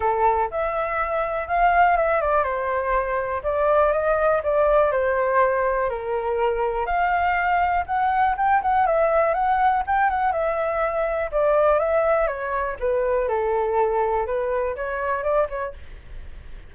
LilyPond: \new Staff \with { instrumentName = "flute" } { \time 4/4 \tempo 4 = 122 a'4 e''2 f''4 | e''8 d''8 c''2 d''4 | dis''4 d''4 c''2 | ais'2 f''2 |
fis''4 g''8 fis''8 e''4 fis''4 | g''8 fis''8 e''2 d''4 | e''4 cis''4 b'4 a'4~ | a'4 b'4 cis''4 d''8 cis''8 | }